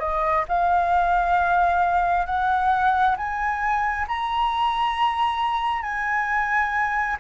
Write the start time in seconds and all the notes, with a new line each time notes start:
0.00 D#5
0.48 F5
2.26 F#5
3.17 G#5
4.08 A#5
5.82 G#5